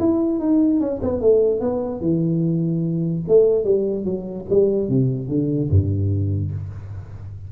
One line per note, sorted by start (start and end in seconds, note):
0.00 0.40 E4
0.40 0.81 D#4
0.81 1.01 C#4
1.03 1.21 B3
1.21 1.61 A3
1.61 2.01 B3
2.01 3.23 E3
3.28 3.65 A3
3.65 4.05 G3
4.05 4.46 F#3
4.50 4.89 G3
4.89 5.29 C3
5.29 5.70 D3
5.70 6.52 G2